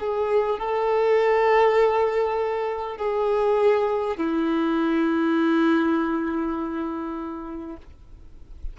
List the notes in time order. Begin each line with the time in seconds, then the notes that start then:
0.00 G#4
0.59 A4
2.98 G#4
4.18 E4